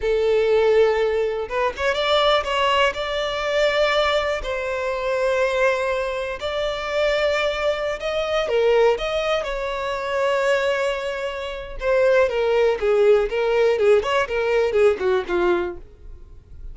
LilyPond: \new Staff \with { instrumentName = "violin" } { \time 4/4 \tempo 4 = 122 a'2. b'8 cis''8 | d''4 cis''4 d''2~ | d''4 c''2.~ | c''4 d''2.~ |
d''16 dis''4 ais'4 dis''4 cis''8.~ | cis''1 | c''4 ais'4 gis'4 ais'4 | gis'8 cis''8 ais'4 gis'8 fis'8 f'4 | }